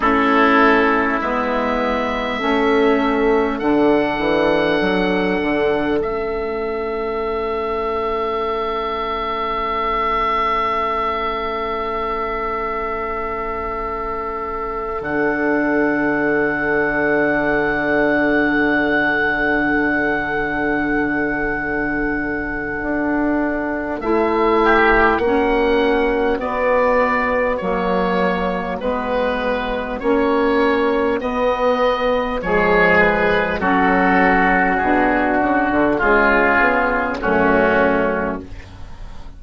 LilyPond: <<
  \new Staff \with { instrumentName = "oboe" } { \time 4/4 \tempo 4 = 50 a'4 e''2 fis''4~ | fis''4 e''2.~ | e''1~ | e''8 fis''2.~ fis''8~ |
fis''1 | e''4 fis''4 d''4 cis''4 | b'4 cis''4 dis''4 cis''8 b'8 | a'4 gis'8 fis'8 gis'4 fis'4 | }
  \new Staff \with { instrumentName = "oboe" } { \time 4/4 e'2 a'2~ | a'1~ | a'1~ | a'1~ |
a'1~ | a'8 g'8 fis'2.~ | fis'2. gis'4 | fis'2 f'4 cis'4 | }
  \new Staff \with { instrumentName = "saxophone" } { \time 4/4 cis'4 b4 cis'4 d'4~ | d'4 cis'2.~ | cis'1~ | cis'8 d'2.~ d'8~ |
d'1 | e'4 cis'4 b4 ais4 | b4 cis'4 b4 gis4 | cis'4 d'4 gis8 b8 a4 | }
  \new Staff \with { instrumentName = "bassoon" } { \time 4/4 a4 gis4 a4 d8 e8 | fis8 d8 a2.~ | a1~ | a8 d2.~ d8~ |
d2. d'4 | a4 ais4 b4 fis4 | gis4 ais4 b4 f4 | fis4 b,8 cis16 d16 cis4 fis,4 | }
>>